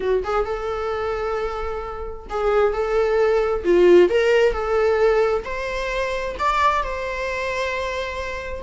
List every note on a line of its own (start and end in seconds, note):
0.00 0.23 F#4
0.24 0.45 G#4
0.45 2.26 A4
2.29 2.73 G#4
2.73 3.64 A4
3.64 4.09 F4
4.09 4.52 A#4
4.52 5.43 A4
5.44 6.35 C5
6.38 6.83 D5
6.83 8.62 C5